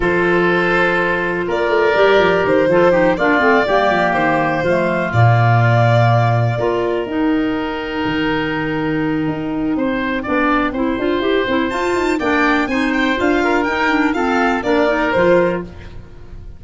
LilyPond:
<<
  \new Staff \with { instrumentName = "violin" } { \time 4/4 \tempo 4 = 123 c''2. d''4~ | d''4 c''4. d''4.~ | d''8 c''2 d''4.~ | d''2~ d''8 g''4.~ |
g''1~ | g''1 | a''4 g''4 gis''8 g''8 f''4 | g''4 f''4 d''4 c''4 | }
  \new Staff \with { instrumentName = "oboe" } { \time 4/4 a'2. ais'4~ | ais'4. a'8 g'8 f'4 g'8~ | g'4. f'2~ f'8~ | f'4. ais'2~ ais'8~ |
ais'1 | c''4 d''4 c''2~ | c''4 d''4 c''4. ais'8~ | ais'4 a'4 ais'2 | }
  \new Staff \with { instrumentName = "clarinet" } { \time 4/4 f'1 | g'4. f'8 dis'8 d'8 c'8 ais8~ | ais4. a4 ais4.~ | ais4. f'4 dis'4.~ |
dis'1~ | dis'4 d'4 e'8 f'8 g'8 e'8 | f'4 d'4 dis'4 f'4 | dis'8 d'8 c'4 d'8 dis'8 f'4 | }
  \new Staff \with { instrumentName = "tuba" } { \time 4/4 f2. ais8 a8 | g8 f8 dis8 f4 ais8 a8 g8 | f8 dis4 f4 ais,4.~ | ais,4. ais4 dis'4.~ |
dis'8 dis2~ dis8 dis'4 | c'4 b4 c'8 d'8 e'8 c'8 | f'8 dis'8 ais4 c'4 d'4 | dis'4 f'4 ais4 f4 | }
>>